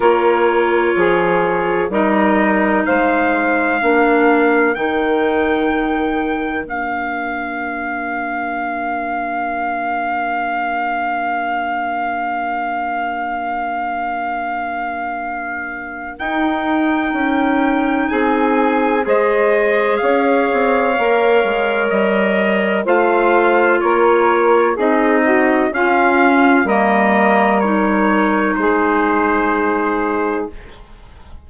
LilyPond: <<
  \new Staff \with { instrumentName = "trumpet" } { \time 4/4 \tempo 4 = 63 cis''2 dis''4 f''4~ | f''4 g''2 f''4~ | f''1~ | f''1~ |
f''4 g''2 gis''4 | dis''4 f''2 dis''4 | f''4 cis''4 dis''4 f''4 | dis''4 cis''4 c''2 | }
  \new Staff \with { instrumentName = "saxophone" } { \time 4/4 ais'4 gis'4 ais'4 c''4 | ais'1~ | ais'1~ | ais'1~ |
ais'2. gis'4 | c''4 cis''2. | c''4 ais'4 gis'8 fis'8 f'4 | ais'2 gis'2 | }
  \new Staff \with { instrumentName = "clarinet" } { \time 4/4 f'2 dis'2 | d'4 dis'2 d'4~ | d'1~ | d'1~ |
d'4 dis'2. | gis'2 ais'2 | f'2 dis'4 cis'4 | ais4 dis'2. | }
  \new Staff \with { instrumentName = "bassoon" } { \time 4/4 ais4 f4 g4 gis4 | ais4 dis2 ais4~ | ais1~ | ais1~ |
ais4 dis'4 cis'4 c'4 | gis4 cis'8 c'8 ais8 gis8 g4 | a4 ais4 c'4 cis'4 | g2 gis2 | }
>>